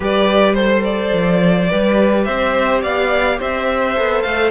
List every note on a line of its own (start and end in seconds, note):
0.00 1.12 G3
0.00 0.56 G4
0.00 0.55 B4
0.00 0.53 D5
0.53 1.69 A4
0.53 0.82 C5
0.53 1.69 C5
0.84 2.24 D5
1.12 1.69 F3
1.69 2.28 G3
1.69 3.96 G4
1.69 2.25 B4
2.24 2.83 C4
2.24 2.82 C5
2.24 2.80 E5
2.82 3.39 B3
2.82 3.38 D5
2.82 3.39 F5
3.38 3.97 C4
3.38 4.51 C5
3.38 4.22 E5
3.96 4.24 B3
3.96 4.51 A4
4.22 4.51 A3
4.22 4.50 F5